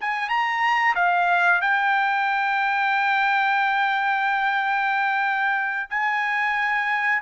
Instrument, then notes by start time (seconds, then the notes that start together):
trumpet
0.00 G#5
0.29 A#5
0.95 F5
1.61 G5
5.90 G#5